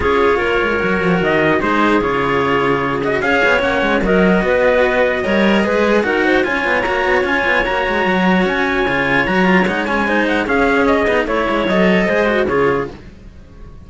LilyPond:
<<
  \new Staff \with { instrumentName = "trumpet" } { \time 4/4 \tempo 4 = 149 cis''2. dis''4 | c''4 cis''2~ cis''8 dis''8 | f''4 fis''4 dis''2~ | dis''2. fis''4 |
gis''4 ais''4 gis''4 ais''4~ | ais''4 gis''2 ais''4 | fis''8 gis''4 fis''8 f''4 dis''4 | cis''4 dis''2 cis''4 | }
  \new Staff \with { instrumentName = "clarinet" } { \time 4/4 gis'4 ais'2. | gis'1 | cis''2 ais'4 b'4~ | b'4 cis''4 b'4 ais'8 c''8 |
cis''1~ | cis''1~ | cis''4 c''4 gis'2 | cis''2 c''4 gis'4 | }
  \new Staff \with { instrumentName = "cello" } { \time 4/4 f'2 fis'2 | dis'4 f'2~ f'8 fis'8 | gis'4 cis'4 fis'2~ | fis'4 ais'4 gis'4 fis'4 |
f'4 fis'4 f'4 fis'4~ | fis'2 f'4 fis'8 f'8 | dis'8 cis'8 dis'4 cis'4. dis'8 | e'4 a'4 gis'8 fis'8 f'4 | }
  \new Staff \with { instrumentName = "cello" } { \time 4/4 cis'4 ais8 gis8 fis8 f8 dis4 | gis4 cis2. | cis'8 b8 ais8 gis8 fis4 b4~ | b4 g4 gis4 dis'4 |
cis'8 b8 ais8 b8 cis'8 b8 ais8 gis8 | fis4 cis'4 cis4 fis4 | gis2 cis'4. b8 | a8 gis8 fis4 gis4 cis4 | }
>>